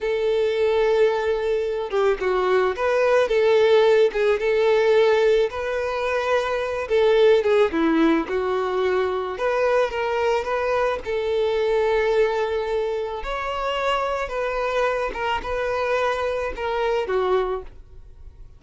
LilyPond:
\new Staff \with { instrumentName = "violin" } { \time 4/4 \tempo 4 = 109 a'2.~ a'8 g'8 | fis'4 b'4 a'4. gis'8 | a'2 b'2~ | b'8 a'4 gis'8 e'4 fis'4~ |
fis'4 b'4 ais'4 b'4 | a'1 | cis''2 b'4. ais'8 | b'2 ais'4 fis'4 | }